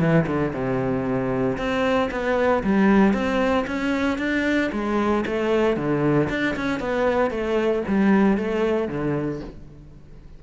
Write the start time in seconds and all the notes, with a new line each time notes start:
0.00 E3
0.27 D3
0.53 C3
1.58 C4
2.11 B3
2.64 G3
3.14 C4
3.67 C#4
4.18 D4
4.72 G#3
5.26 A3
5.77 D3
6.29 D4
6.56 C#4
6.80 B3
7.31 A3
7.88 G3
8.38 A3
8.88 D3